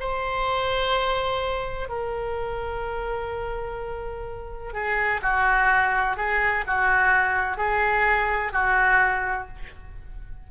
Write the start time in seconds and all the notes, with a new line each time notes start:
0.00 C5
1.89 A#4
4.73 G#4
5.22 F#4
6.17 G#4
6.67 F#4
7.58 G#4
8.53 F#4